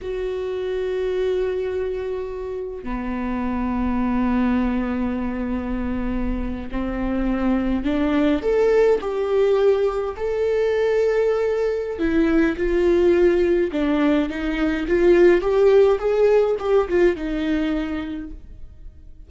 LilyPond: \new Staff \with { instrumentName = "viola" } { \time 4/4 \tempo 4 = 105 fis'1~ | fis'4 b2.~ | b2.~ b8. c'16~ | c'4.~ c'16 d'4 a'4 g'16~ |
g'4.~ g'16 a'2~ a'16~ | a'4 e'4 f'2 | d'4 dis'4 f'4 g'4 | gis'4 g'8 f'8 dis'2 | }